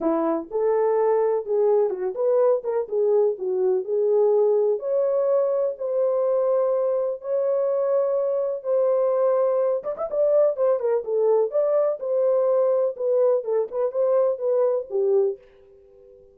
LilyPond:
\new Staff \with { instrumentName = "horn" } { \time 4/4 \tempo 4 = 125 e'4 a'2 gis'4 | fis'8 b'4 ais'8 gis'4 fis'4 | gis'2 cis''2 | c''2. cis''4~ |
cis''2 c''2~ | c''8 d''16 e''16 d''4 c''8 ais'8 a'4 | d''4 c''2 b'4 | a'8 b'8 c''4 b'4 g'4 | }